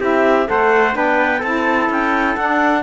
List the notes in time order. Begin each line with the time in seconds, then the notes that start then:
0.00 C4 E4 G4 E5
0.46 A3 A4 C5 F#5
0.93 B3 D4 B4 G5
1.39 C4 E4 A4 A5
1.89 C#4 G5
2.36 D4 F#5